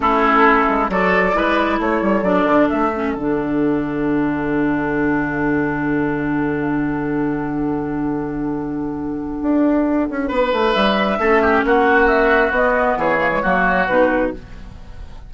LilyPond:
<<
  \new Staff \with { instrumentName = "flute" } { \time 4/4 \tempo 4 = 134 a'2 d''2 | cis''4 d''4 e''4 fis''4~ | fis''1~ | fis''1~ |
fis''1~ | fis''1 | e''2 fis''4 e''4 | dis''4 cis''2 b'4 | }
  \new Staff \with { instrumentName = "oboe" } { \time 4/4 e'2 a'4 b'4 | a'1~ | a'1~ | a'1~ |
a'1~ | a'2. b'4~ | b'4 a'8 g'8 fis'2~ | fis'4 gis'4 fis'2 | }
  \new Staff \with { instrumentName = "clarinet" } { \time 4/4 cis'2 fis'4 e'4~ | e'4 d'4. cis'8 d'4~ | d'1~ | d'1~ |
d'1~ | d'1~ | d'4 cis'2. | b4. ais16 gis16 ais4 dis'4 | }
  \new Staff \with { instrumentName = "bassoon" } { \time 4/4 a4. gis8 fis4 gis4 | a8 g8 fis8 d8 a4 d4~ | d1~ | d1~ |
d1~ | d4 d'4. cis'8 b8 a8 | g4 a4 ais2 | b4 e4 fis4 b,4 | }
>>